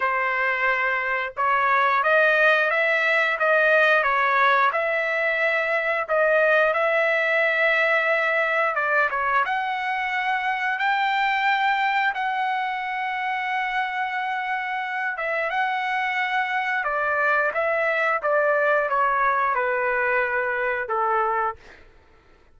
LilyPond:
\new Staff \with { instrumentName = "trumpet" } { \time 4/4 \tempo 4 = 89 c''2 cis''4 dis''4 | e''4 dis''4 cis''4 e''4~ | e''4 dis''4 e''2~ | e''4 d''8 cis''8 fis''2 |
g''2 fis''2~ | fis''2~ fis''8 e''8 fis''4~ | fis''4 d''4 e''4 d''4 | cis''4 b'2 a'4 | }